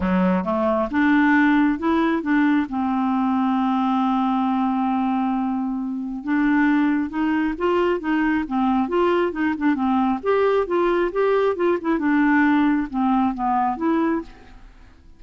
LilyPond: \new Staff \with { instrumentName = "clarinet" } { \time 4/4 \tempo 4 = 135 fis4 a4 d'2 | e'4 d'4 c'2~ | c'1~ | c'2 d'2 |
dis'4 f'4 dis'4 c'4 | f'4 dis'8 d'8 c'4 g'4 | f'4 g'4 f'8 e'8 d'4~ | d'4 c'4 b4 e'4 | }